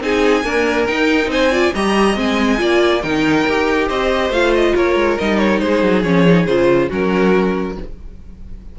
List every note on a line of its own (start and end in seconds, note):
0.00 0.43 C4
0.00 0.44 D#4
0.00 0.45 G#4
0.00 0.87 G#5
0.44 0.87 A#3
0.44 0.87 D4
0.44 1.30 A#4
0.87 1.51 D#4
0.87 1.26 D#4
0.87 1.30 G5
1.26 1.69 C4
1.26 1.52 C5
1.26 1.75 G#5
1.51 1.73 F4
1.51 1.73 D5
1.74 2.17 G3
1.74 2.15 G4
1.74 2.60 D#5
1.74 2.18 A#5
2.15 2.60 G#3
2.15 2.57 C4
2.15 3.02 G#5
2.57 3.03 A#3
2.57 3.00 F4
2.57 3.04 D5
3.02 3.46 D#3
3.02 3.46 D#4
3.02 3.87 A#4
3.02 3.88 G5
3.47 3.89 D#4
3.47 4.33 G4
3.87 4.29 C4
3.87 4.74 C5
3.87 4.32 D#5
4.29 4.73 A3
4.29 5.19 F4
4.29 4.54 F5
4.54 4.76 D#5
4.75 4.95 A#3
4.75 5.62 A#4
4.75 5.18 C#5
4.95 5.17 G#3
5.18 5.62 G3
5.18 6.05 D#4
5.18 5.38 D#5
5.38 5.59 C#5
5.59 5.83 G#3
5.59 6.89 G#4
5.59 6.02 C5
5.83 6.03 F#3
6.03 6.46 F3
6.03 6.26 C#4
6.03 6.46 C#5
6.26 6.48 D#4
6.46 6.89 C#3
6.46 6.90 F4
6.46 6.89 C5
6.89 7.78 F#3
6.89 7.76 C#4
6.89 7.75 F#4
6.89 7.79 A#4